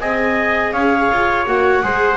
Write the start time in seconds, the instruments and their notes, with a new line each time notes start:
0.00 double bass C4, viola G#4, trumpet D#5, clarinet G#5
0.73 double bass C#4, trumpet C#5, clarinet F5
1.11 double bass F4
1.46 double bass A#3, viola F#4, clarinet F#5
1.83 double bass G#3, viola G#4, trumpet C5